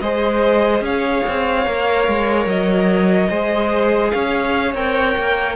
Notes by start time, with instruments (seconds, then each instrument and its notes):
0.00 cello G#3, viola G#4, violin C5 D#5
0.81 cello C#4, violin C#5 F5
1.27 cello C4
1.66 cello A#3, viola A#4
2.07 cello G#3
2.46 cello F#3, violin D#5
3.29 cello G#3, viola G#4, violin C5
4.10 cello C#4, violin C#5 F5
4.74 cello C4, viola A#4, violin G5
5.16 cello A#3